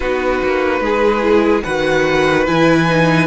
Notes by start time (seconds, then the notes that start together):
0.00 B3 D#4 F#4 B4
0.43 A#3
0.80 G#3 G#4
1.21 E4
1.63 D#3 F#4 B4 F#5
2.46 E3 E4 G#5
2.87 D#4